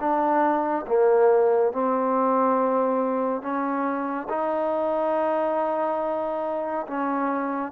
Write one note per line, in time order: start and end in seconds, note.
0.00 0.86 D4
0.87 1.73 A#3
1.73 3.42 C4
3.42 4.28 C#4
4.29 6.86 D#4
6.87 7.72 C#4